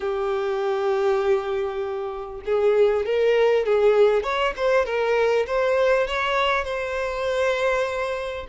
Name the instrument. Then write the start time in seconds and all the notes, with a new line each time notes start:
violin
0.00 G4
2.45 G#4
3.05 A#4
3.65 G#4
4.23 C#5
4.56 C5
4.85 A#4
5.46 C5
6.07 C#5
6.64 C5